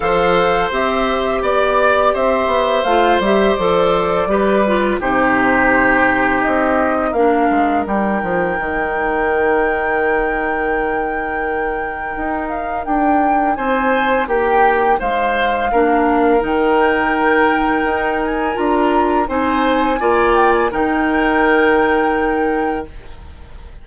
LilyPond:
<<
  \new Staff \with { instrumentName = "flute" } { \time 4/4 \tempo 4 = 84 f''4 e''4 d''4 e''4 | f''8 e''8 d''2 c''4~ | c''4 dis''4 f''4 g''4~ | g''1~ |
g''4. f''8 g''4 gis''4 | g''4 f''2 g''4~ | g''4. gis''8 ais''4 gis''4~ | gis''8 g''16 gis''16 g''2. | }
  \new Staff \with { instrumentName = "oboe" } { \time 4/4 c''2 d''4 c''4~ | c''2 b'4 g'4~ | g'2 ais'2~ | ais'1~ |
ais'2. c''4 | g'4 c''4 ais'2~ | ais'2. c''4 | d''4 ais'2. | }
  \new Staff \with { instrumentName = "clarinet" } { \time 4/4 a'4 g'2. | f'8 g'8 a'4 g'8 f'8 dis'4~ | dis'2 d'4 dis'4~ | dis'1~ |
dis'1~ | dis'2 d'4 dis'4~ | dis'2 f'4 dis'4 | f'4 dis'2. | }
  \new Staff \with { instrumentName = "bassoon" } { \time 4/4 f4 c'4 b4 c'8 b8 | a8 g8 f4 g4 c4~ | c4 c'4 ais8 gis8 g8 f8 | dis1~ |
dis4 dis'4 d'4 c'4 | ais4 gis4 ais4 dis4~ | dis4 dis'4 d'4 c'4 | ais4 dis2. | }
>>